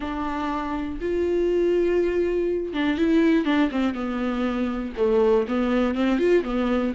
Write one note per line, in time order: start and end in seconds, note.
0.00 0.99 D4
1.00 2.73 F4
2.73 2.97 D4
2.97 3.45 E4
3.45 3.70 D4
3.71 3.94 C4
3.94 4.93 B3
4.96 5.46 A3
5.48 5.95 B3
5.95 6.18 C4
6.18 6.43 F4
6.43 6.93 B3